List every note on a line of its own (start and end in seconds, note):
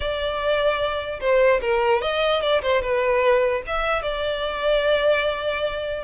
0.00 1.20 D5
1.20 1.60 C5
1.61 2.01 A#4
2.01 2.41 D#5
2.41 2.61 D5
2.62 2.82 C5
2.82 3.62 B4
3.66 4.02 E5
4.02 6.03 D5